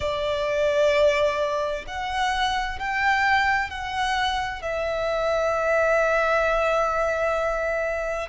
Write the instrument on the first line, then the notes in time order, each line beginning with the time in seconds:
violin
0.00 D5
1.87 F#5
2.79 G5
3.69 F#5
4.62 E5